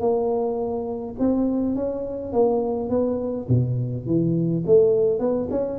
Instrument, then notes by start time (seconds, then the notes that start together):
tuba
0.00 A#3
1.19 C4
1.75 C#4
2.33 A#3
2.89 B3
3.49 B2
4.06 E3
4.66 A3
5.19 B3
5.50 C#4